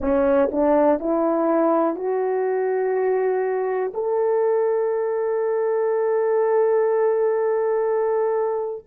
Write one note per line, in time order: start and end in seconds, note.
0.00 0.49 C#4
0.51 0.99 D4
0.99 1.95 E4
1.95 3.92 F#4
3.93 8.85 A4